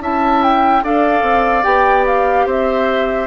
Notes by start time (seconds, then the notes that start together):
0.00 C#4 E4 E5 A5
0.42 G5
0.82 D4 A4 D5 F5
1.22 C4
1.63 B3 G4 G5
2.06 F5
2.46 C4 C5 E5